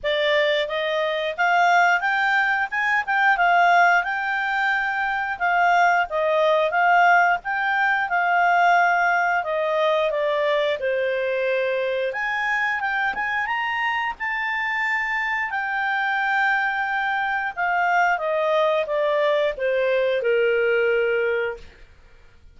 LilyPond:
\new Staff \with { instrumentName = "clarinet" } { \time 4/4 \tempo 4 = 89 d''4 dis''4 f''4 g''4 | gis''8 g''8 f''4 g''2 | f''4 dis''4 f''4 g''4 | f''2 dis''4 d''4 |
c''2 gis''4 g''8 gis''8 | ais''4 a''2 g''4~ | g''2 f''4 dis''4 | d''4 c''4 ais'2 | }